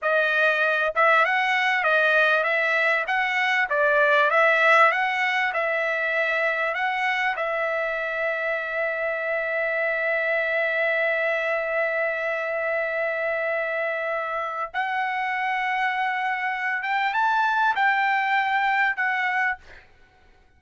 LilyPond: \new Staff \with { instrumentName = "trumpet" } { \time 4/4 \tempo 4 = 98 dis''4. e''8 fis''4 dis''4 | e''4 fis''4 d''4 e''4 | fis''4 e''2 fis''4 | e''1~ |
e''1~ | e''1 | fis''2.~ fis''8 g''8 | a''4 g''2 fis''4 | }